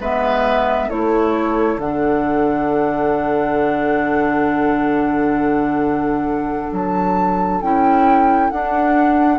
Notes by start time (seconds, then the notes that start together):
0.00 G#3 B3 B4 E5
0.89 A3 E4 A4 C#5
1.77 D3 D4 F#5
6.73 F#3 A5
7.62 C#4 E4 G5
8.51 D4 F#5